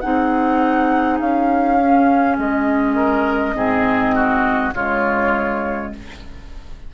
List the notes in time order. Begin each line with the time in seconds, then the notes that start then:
0.00 C4 D#4 G#4 F#5
1.19 C#4 F5
1.78 C#4
2.37 G#3 D#5
2.95 A#4
3.54 G#2 C4 G#4
4.15 F#4
4.73 C#3 G#3 F4 C#5